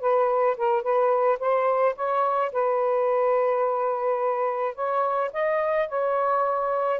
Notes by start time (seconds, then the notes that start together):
0.00 B4
0.57 A#4
0.82 B4
1.39 C5
1.95 C#5
2.52 B4
4.75 C#5
5.32 D#5
5.88 C#5